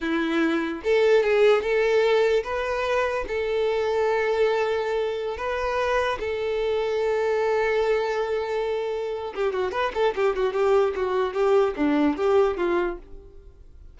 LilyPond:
\new Staff \with { instrumentName = "violin" } { \time 4/4 \tempo 4 = 148 e'2 a'4 gis'4 | a'2 b'2 | a'1~ | a'4~ a'16 b'2 a'8.~ |
a'1~ | a'2. g'8 fis'8 | b'8 a'8 g'8 fis'8 g'4 fis'4 | g'4 d'4 g'4 f'4 | }